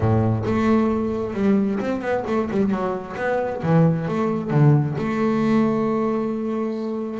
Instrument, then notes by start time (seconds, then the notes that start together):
double bass
0.00 A2
0.45 A3
1.34 G3
1.79 C4
2.01 B3
2.27 A3
2.50 G3
2.70 F#3
3.16 B3
3.63 E3
4.07 A3
4.50 D3
4.98 A3